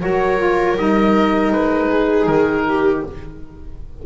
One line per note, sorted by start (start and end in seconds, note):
0.00 0.76 F#3
0.00 0.38 F#4
0.00 1.89 A#4
0.00 0.77 C#5
0.38 0.76 F4
0.76 1.52 G3
0.76 3.05 D#4
0.76 1.52 D#5
1.52 2.27 G#3
1.52 2.26 B4
1.89 2.65 G#4
2.26 3.03 D#3
2.26 3.02 A#4
2.68 3.06 G4